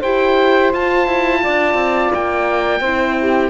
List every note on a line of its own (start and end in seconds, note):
0.00 0.73 E4
0.00 0.73 G4
0.00 1.40 C5
0.00 0.72 G5
0.73 2.82 F4
0.73 1.07 F4
0.73 2.13 A5
1.07 1.42 E4
1.42 1.74 D4
1.42 2.80 D5
1.74 2.09 C4
2.14 2.80 A#3
2.14 3.50 G5
2.80 3.50 C4
2.80 3.50 E4
2.80 3.15 C5
3.18 3.50 G4